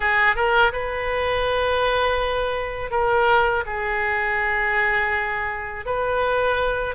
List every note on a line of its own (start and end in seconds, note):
0.00 0.35 G#4
0.35 0.72 A#4
0.72 2.90 B4
2.90 3.64 A#4
3.66 5.85 G#4
5.85 6.94 B4